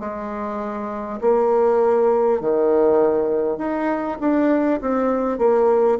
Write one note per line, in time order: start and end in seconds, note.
0.00 1.20 G#3
1.21 2.41 A#3
2.41 3.58 D#3
3.58 4.18 D#4
4.20 4.80 D4
4.81 5.38 C4
5.38 5.98 A#3